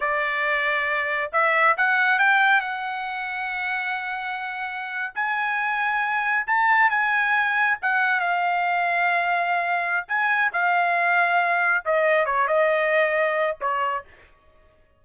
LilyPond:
\new Staff \with { instrumentName = "trumpet" } { \time 4/4 \tempo 4 = 137 d''2. e''4 | fis''4 g''4 fis''2~ | fis''2.~ fis''8. gis''16~ | gis''2~ gis''8. a''4 gis''16~ |
gis''4.~ gis''16 fis''4 f''4~ f''16~ | f''2. gis''4 | f''2. dis''4 | cis''8 dis''2~ dis''8 cis''4 | }